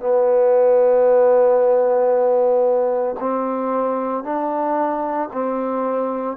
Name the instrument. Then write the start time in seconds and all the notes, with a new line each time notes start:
trombone
0.00 B3
3.20 C4
4.23 D4
5.33 C4